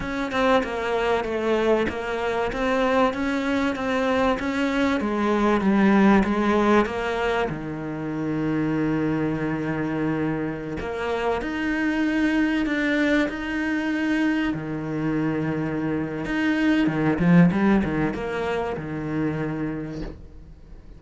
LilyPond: \new Staff \with { instrumentName = "cello" } { \time 4/4 \tempo 4 = 96 cis'8 c'8 ais4 a4 ais4 | c'4 cis'4 c'4 cis'4 | gis4 g4 gis4 ais4 | dis1~ |
dis4~ dis16 ais4 dis'4.~ dis'16~ | dis'16 d'4 dis'2 dis8.~ | dis2 dis'4 dis8 f8 | g8 dis8 ais4 dis2 | }